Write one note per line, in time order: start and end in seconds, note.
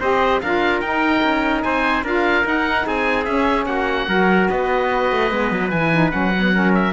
0.00 0.42 C4
0.00 0.42 G4
0.00 0.41 C5
0.00 0.41 D#5
0.41 0.82 D4
0.41 0.84 F4
0.41 1.65 A#4
0.41 0.81 F5
0.81 1.23 D#4
0.81 2.05 D#4
0.81 1.62 G5
1.23 1.64 C#4
1.63 2.03 C4
1.63 2.04 C5
1.63 2.04 G#5
2.03 2.44 D4
2.03 2.43 F4
2.03 2.86 A#4
2.03 2.47 F5
2.43 3.25 D#4
2.43 2.86 D#4
2.43 2.87 F#5
2.86 3.27 C4
2.86 3.68 G#4
2.86 3.25 G#5
3.25 3.66 C#4
3.25 4.08 C#4
3.25 3.65 E5
3.66 4.07 A#3
3.66 4.09 F#4
3.66 4.48 F#5
4.08 4.49 F#3
4.08 5.30 F#4
4.08 4.50 A#4
4.50 5.12 B3
4.50 6.54 B4
4.50 5.70 D#5
5.12 5.31 A3
5.30 5.52 G#3
5.30 5.70 B3
5.52 5.72 F#3
5.70 6.13 E3
5.70 5.93 E4
5.70 6.11 G#5
5.93 6.11 D#4
6.11 6.93 F#3
6.11 6.32 C#4
6.11 6.72 F#5
6.36 6.54 B3
6.54 6.93 C#4
6.54 6.93 A#4
6.74 6.93 E5